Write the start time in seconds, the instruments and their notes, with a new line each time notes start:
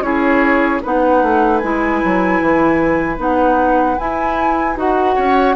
0.00 bassoon C#4, clarinet E4, oboe G#4, flute C#5
0.82 bassoon B3, clarinet D#4, oboe B4, flute F#5
1.22 bassoon A3
1.58 bassoon G#3, clarinet E4, flute G#5
2.04 bassoon F#3
2.40 bassoon E3
3.17 bassoon B3, clarinet D#4, flute F#5
3.98 clarinet E4, bassoon E4, flute G#5
4.76 bassoon D#4, clarinet F#4, flute F#5
5.15 bassoon C#4, oboe C#5